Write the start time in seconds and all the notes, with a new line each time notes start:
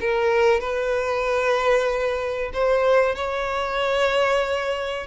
0.00 A#4
0.60 B4
2.53 C5
3.15 C#5